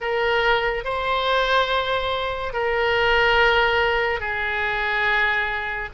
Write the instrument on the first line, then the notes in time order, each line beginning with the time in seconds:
oboe
0.00 A#4
0.84 C5
2.53 A#4
4.20 G#4